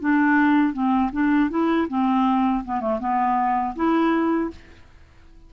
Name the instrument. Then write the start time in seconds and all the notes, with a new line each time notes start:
clarinet
0.00 D4
0.73 C4
1.12 D4
1.50 E4
1.89 C4
2.65 B3
2.81 A3
3.00 B3
3.75 E4